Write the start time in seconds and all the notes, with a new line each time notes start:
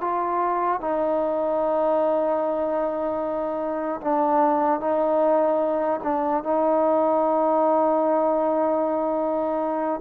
0.00 F4
0.80 D#4
4.01 D4
4.80 D#4
6.03 D4
6.43 D#4